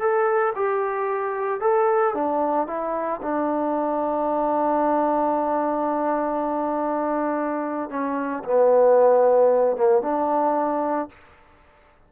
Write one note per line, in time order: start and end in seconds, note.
0.00 0.54 A4
0.55 1.61 G4
1.61 2.14 A4
2.14 2.67 D4
2.67 3.21 E4
3.22 7.90 D4
7.90 8.44 C#4
8.44 9.76 B3
9.76 10.02 A#3
10.02 11.09 D4